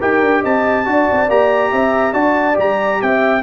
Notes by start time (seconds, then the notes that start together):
0.00 D#4 G4 A#4 G5
0.21 D4
0.41 C4 D#5 A5
0.85 D4 F#4 D5
1.12 C4
1.29 A#3 G4 A#5
1.72 C4 E5
2.13 D4 F#4 D5 A5
2.54 G3 G4 A#5
3.02 C4 E5 G5